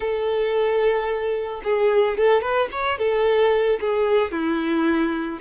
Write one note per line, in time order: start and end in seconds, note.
0.00 1.61 A4
1.64 2.17 G#4
2.17 2.41 A4
2.41 2.68 B4
2.71 2.98 C#5
2.98 3.79 A4
3.80 4.31 G#4
4.31 5.39 E4